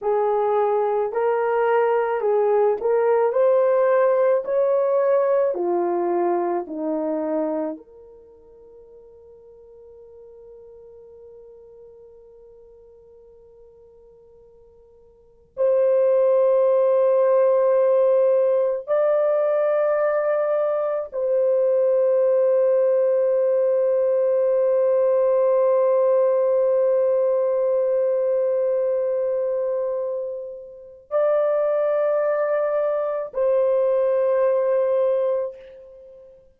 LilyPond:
\new Staff \with { instrumentName = "horn" } { \time 4/4 \tempo 4 = 54 gis'4 ais'4 gis'8 ais'8 c''4 | cis''4 f'4 dis'4 ais'4~ | ais'1~ | ais'2 c''2~ |
c''4 d''2 c''4~ | c''1~ | c''1 | d''2 c''2 | }